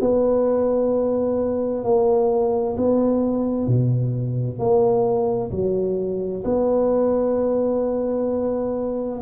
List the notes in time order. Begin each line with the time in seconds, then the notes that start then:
0.00 B3
1.84 A#3
2.77 B3
3.67 B2
4.59 A#3
5.51 F#3
6.44 B3